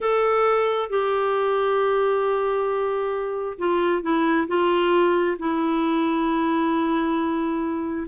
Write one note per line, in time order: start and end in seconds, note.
0.00 0.89 A4
0.89 3.58 G4
3.58 4.02 F4
4.02 4.47 E4
4.47 5.37 F4
5.39 8.07 E4